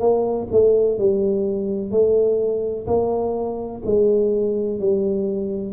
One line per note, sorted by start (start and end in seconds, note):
0.00 0.48 A#3
0.52 0.98 A3
0.98 1.91 G3
1.91 2.87 A3
2.87 3.82 A#3
3.85 4.80 G#3
4.80 5.73 G3